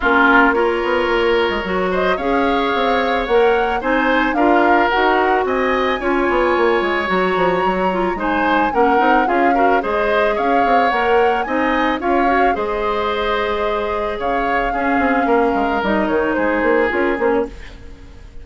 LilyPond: <<
  \new Staff \with { instrumentName = "flute" } { \time 4/4 \tempo 4 = 110 ais'4 cis''2~ cis''8 dis''8 | f''2 fis''4 gis''4 | f''4 fis''4 gis''2~ | gis''4 ais''2 gis''4 |
fis''4 f''4 dis''4 f''4 | fis''4 gis''4 f''4 dis''4~ | dis''2 f''2~ | f''4 dis''8 cis''8 c''4 ais'8 c''16 cis''16 | }
  \new Staff \with { instrumentName = "oboe" } { \time 4/4 f'4 ais'2~ ais'8 c''8 | cis''2. c''4 | ais'2 dis''4 cis''4~ | cis''2. c''4 |
ais'4 gis'8 ais'8 c''4 cis''4~ | cis''4 dis''4 cis''4 c''4~ | c''2 cis''4 gis'4 | ais'2 gis'2 | }
  \new Staff \with { instrumentName = "clarinet" } { \time 4/4 cis'4 f'2 fis'4 | gis'2 ais'4 dis'4 | f'4 fis'2 f'4~ | f'4 fis'4. f'8 dis'4 |
cis'8 dis'8 f'8 fis'8 gis'2 | ais'4 dis'4 f'8 fis'8 gis'4~ | gis'2. cis'4~ | cis'4 dis'2 f'8 cis'8 | }
  \new Staff \with { instrumentName = "bassoon" } { \time 4/4 ais4. b8 ais8. gis16 fis4 | cis'4 c'4 ais4 c'4 | d'4 dis'4 c'4 cis'8 b8 | ais8 gis8 fis8 f8 fis4 gis4 |
ais8 c'8 cis'4 gis4 cis'8 c'8 | ais4 c'4 cis'4 gis4~ | gis2 cis4 cis'8 c'8 | ais8 gis8 g8 dis8 gis8 ais8 cis'8 ais8 | }
>>